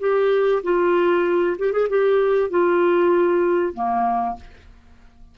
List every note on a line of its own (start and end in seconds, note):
0.00 0.62 G4
0.63 1.57 F4
1.59 1.73 G4
1.73 1.88 G#4
1.89 2.50 G4
2.50 3.74 F4
3.74 4.36 A#3